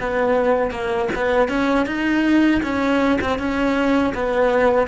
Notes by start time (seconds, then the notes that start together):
0.00 B3
0.71 A#3
1.15 B3
1.49 C#4
1.86 D#4
2.62 C#4
3.21 C4
3.39 C#4
4.14 B3